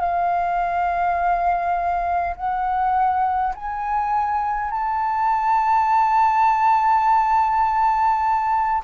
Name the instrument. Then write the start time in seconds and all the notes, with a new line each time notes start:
flute
0.00 F5
2.36 F#5
3.55 G#5
4.71 A5